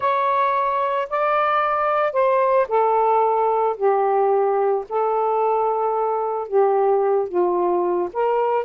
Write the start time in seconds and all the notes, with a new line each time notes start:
0.00 C#5
1.09 D5
2.12 C5
2.68 A4
3.76 G4
4.89 A4
6.48 G4
7.28 F4
8.13 A#4